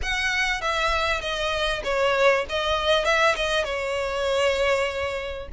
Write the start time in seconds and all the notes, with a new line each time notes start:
0.02 F#5
0.61 E5
1.21 D#5
1.84 C#5
2.49 D#5
3.04 E5
3.35 D#5
3.64 C#5